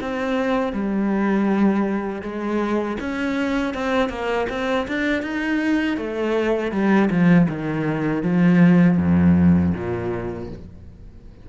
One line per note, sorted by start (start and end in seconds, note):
0.00 0.72 C4
0.72 2.22 G3
2.22 2.97 G#3
3.00 3.73 C#4
3.73 4.09 C4
4.09 4.46 A#3
4.49 4.86 C4
4.88 5.22 D4
5.22 5.97 D#4
5.97 6.71 A3
6.71 7.09 G3
7.10 7.47 F3
7.48 8.22 D#3
8.22 8.97 F3
8.97 9.72 F2
9.74 10.49 A#2